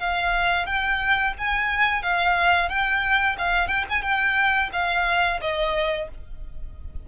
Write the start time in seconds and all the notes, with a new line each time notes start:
0.00 F5
0.66 G5
1.39 G#5
2.03 F5
2.69 G5
3.39 F5
3.68 G5
3.90 G#5
4.03 G5
4.73 F5
5.41 D#5